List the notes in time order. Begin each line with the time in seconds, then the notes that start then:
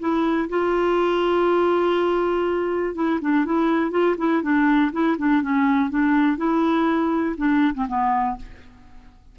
0.00 E4
0.49 F4
2.95 E4
3.21 D4
3.45 E4
3.91 F4
4.18 E4
4.43 D4
4.92 E4
5.18 D4
5.42 C#4
5.90 D4
6.37 E4
7.37 D4
7.75 C4
7.88 B3